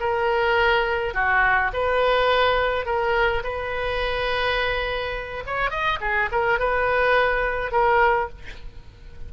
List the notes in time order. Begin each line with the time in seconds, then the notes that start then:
0.00 A#4
1.14 F#4
1.73 B4
2.85 A#4
3.44 B4
5.46 C#5
5.70 D#5
6.01 G#4
6.32 A#4
6.59 B4
7.72 A#4